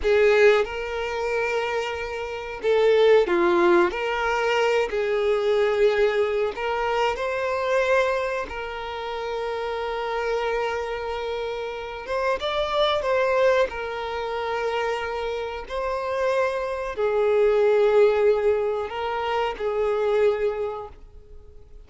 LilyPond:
\new Staff \with { instrumentName = "violin" } { \time 4/4 \tempo 4 = 92 gis'4 ais'2. | a'4 f'4 ais'4. gis'8~ | gis'2 ais'4 c''4~ | c''4 ais'2.~ |
ais'2~ ais'8 c''8 d''4 | c''4 ais'2. | c''2 gis'2~ | gis'4 ais'4 gis'2 | }